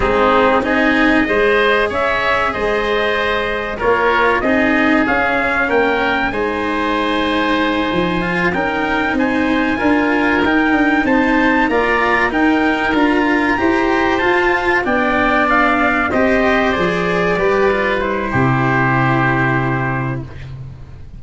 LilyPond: <<
  \new Staff \with { instrumentName = "trumpet" } { \time 4/4 \tempo 4 = 95 gis'4 dis''2 e''4 | dis''2 cis''4 dis''4 | f''4 g''4 gis''2~ | gis''4. g''4 gis''4.~ |
gis''8 g''4 a''4 ais''4 g''8~ | g''8 ais''2 a''4 g''8~ | g''8 f''4 dis''4 d''4.~ | d''8 c''2.~ c''8 | }
  \new Staff \with { instrumentName = "oboe" } { \time 4/4 dis'4 gis'4 c''4 cis''4 | c''2 ais'4 gis'4~ | gis'4 ais'4 c''2~ | c''4. ais'4 c''4 ais'8~ |
ais'4. c''4 d''4 ais'8~ | ais'4. c''2 d''8~ | d''4. c''2 b'8~ | b'4 g'2. | }
  \new Staff \with { instrumentName = "cello" } { \time 4/4 c'4 dis'4 gis'2~ | gis'2 f'4 dis'4 | cis'2 dis'2~ | dis'4 f'8 dis'2 f'8~ |
f'8 dis'2 f'4 dis'8~ | dis'8 f'4 g'4 f'4 d'8~ | d'4. g'4 gis'4 g'8 | f'8 e'2.~ e'8 | }
  \new Staff \with { instrumentName = "tuba" } { \time 4/4 gis4 c'4 gis4 cis'4 | gis2 ais4 c'4 | cis'4 ais4 gis2~ | gis8 f4 cis'4 c'4 d'8~ |
d'8 dis'8 d'8 c'4 ais4 dis'8~ | dis'8 d'4 e'4 f'4 b8~ | b4. c'4 f4 g8~ | g4 c2. | }
>>